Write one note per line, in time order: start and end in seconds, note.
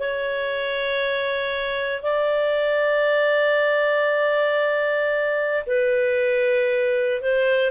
0.00 2.03 C#5
2.03 5.65 D5
5.67 7.22 B4
7.22 7.71 C5